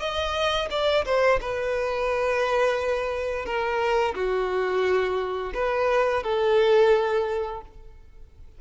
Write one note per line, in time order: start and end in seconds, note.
0.00 0.69 D#5
0.71 1.05 D5
1.06 1.40 C5
1.41 3.46 B4
3.46 4.15 A#4
4.15 5.53 F#4
5.54 6.23 B4
6.24 7.61 A4